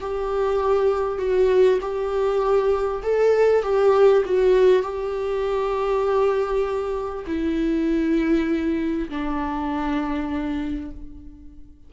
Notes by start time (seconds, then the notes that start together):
0.00 G4
1.18 F#4
1.81 G4
3.03 A4
3.63 G4
4.25 F#4
4.82 G4
7.27 E4
9.09 D4